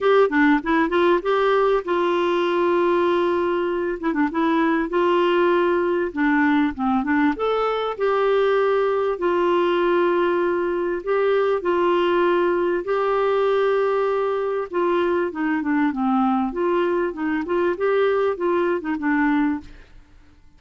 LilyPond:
\new Staff \with { instrumentName = "clarinet" } { \time 4/4 \tempo 4 = 98 g'8 d'8 e'8 f'8 g'4 f'4~ | f'2~ f'8 e'16 d'16 e'4 | f'2 d'4 c'8 d'8 | a'4 g'2 f'4~ |
f'2 g'4 f'4~ | f'4 g'2. | f'4 dis'8 d'8 c'4 f'4 | dis'8 f'8 g'4 f'8. dis'16 d'4 | }